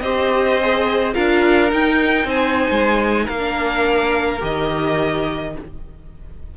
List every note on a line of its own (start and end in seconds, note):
0.00 1.15 C4
0.00 0.60 G4
0.00 1.14 C5
0.00 1.13 D#5
0.62 1.14 G#4
1.14 1.73 D4
1.14 1.69 F4
1.14 2.27 A#4
1.14 1.71 F5
1.69 3.38 D#4
1.69 2.25 D#4
1.69 2.29 G5
2.25 2.67 C4
2.25 3.25 C5
2.25 3.28 G#5
2.71 3.27 G#3
3.25 4.42 A#3
3.25 5.51 A#4
3.25 4.41 F5
3.38 4.37 D4
4.40 5.56 D#3
4.40 5.53 G4
4.40 5.57 D#5